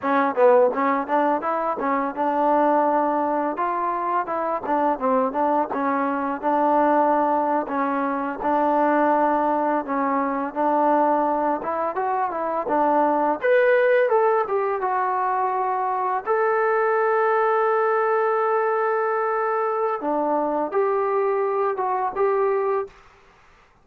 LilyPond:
\new Staff \with { instrumentName = "trombone" } { \time 4/4 \tempo 4 = 84 cis'8 b8 cis'8 d'8 e'8 cis'8 d'4~ | d'4 f'4 e'8 d'8 c'8 d'8 | cis'4 d'4.~ d'16 cis'4 d'16~ | d'4.~ d'16 cis'4 d'4~ d'16~ |
d'16 e'8 fis'8 e'8 d'4 b'4 a'16~ | a'16 g'8 fis'2 a'4~ a'16~ | a'1 | d'4 g'4. fis'8 g'4 | }